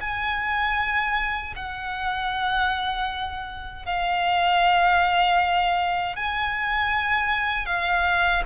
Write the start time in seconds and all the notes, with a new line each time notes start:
0.00 G#5
1.56 F#5
3.85 F5
6.16 G#5
7.66 F5